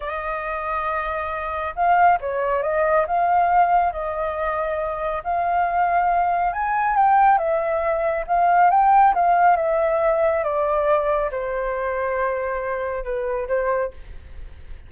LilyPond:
\new Staff \with { instrumentName = "flute" } { \time 4/4 \tempo 4 = 138 dis''1 | f''4 cis''4 dis''4 f''4~ | f''4 dis''2. | f''2. gis''4 |
g''4 e''2 f''4 | g''4 f''4 e''2 | d''2 c''2~ | c''2 b'4 c''4 | }